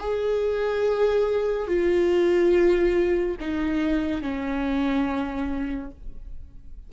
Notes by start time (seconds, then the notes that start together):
0.00 G#4
1.68 F4
3.41 D#4
4.22 C#4